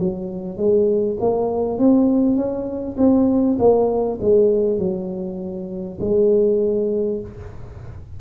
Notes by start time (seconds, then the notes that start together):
0.00 F#3
0.58 G#3
1.21 A#3
1.79 C4
2.37 C#4
2.98 C4
3.59 A#3
4.21 G#3
4.79 F#3
6.01 G#3